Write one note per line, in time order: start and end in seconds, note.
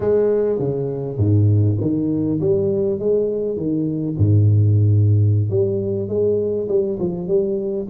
0.00 0.58 G#3
0.58 1.17 C#3
1.17 1.77 G#2
1.80 2.40 D#3
2.40 2.99 G3
2.99 3.56 G#3
3.56 4.16 D#3
4.17 5.50 G#2
5.50 6.08 G3
6.08 6.68 G#3
6.68 6.98 G3
6.99 7.27 F3
7.27 7.87 G3